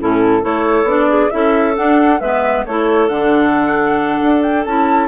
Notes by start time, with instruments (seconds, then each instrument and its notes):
0.00 bassoon A2, clarinet C#4 E4, flute A4
0.41 bassoon A3, clarinet E4 A4, flute C#5
0.84 bassoon B3, clarinet D4, flute D5
1.09 clarinet G#4
1.31 bassoon C#4, clarinet E4 A4, flute E5
1.76 clarinet D4, bassoon D4, flute F#5
2.20 bassoon G#3, clarinet B3 B4, flute E5
2.66 bassoon A3, clarinet E4 A4, flute C#5
3.09 bassoon D3, clarinet D4, flute F#5
4.22 bassoon D4
4.42 flute G5
4.65 bassoon C#4, clarinet E4, flute A5